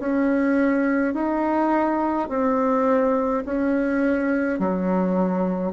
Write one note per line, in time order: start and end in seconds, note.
0.00 1.14 C#4
1.14 2.29 D#4
2.29 3.44 C4
3.46 4.59 C#4
4.59 5.73 F#3